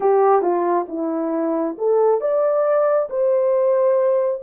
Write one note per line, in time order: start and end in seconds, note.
0.00 0.42 G4
0.42 0.86 F4
0.88 1.76 E4
1.78 2.20 A4
2.20 3.08 D5
3.09 4.42 C5